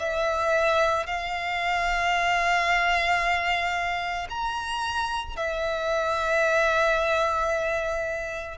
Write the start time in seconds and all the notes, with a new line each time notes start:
0.00 E5
1.07 F5
4.30 A#5
5.37 E5